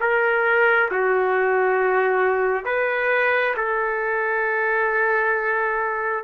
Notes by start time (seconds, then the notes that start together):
0.00 A#4
0.91 F#4
2.65 B4
3.56 A4